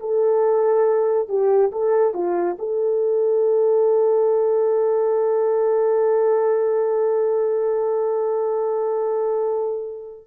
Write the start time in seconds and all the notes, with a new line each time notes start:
0.00 A4
1.29 G4
1.72 A4
2.14 F4
2.59 A4